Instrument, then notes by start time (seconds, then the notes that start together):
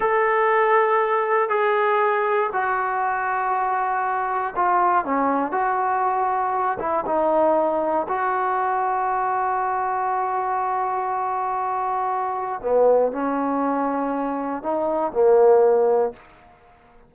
trombone
0.00 A4
1.49 G#4
2.52 F#4
4.56 F4
5.04 C#4
5.51 F#4
6.79 E4
7.05 D#4
8.08 F#4
12.61 B3
13.11 C#4
14.62 D#4
15.12 A#3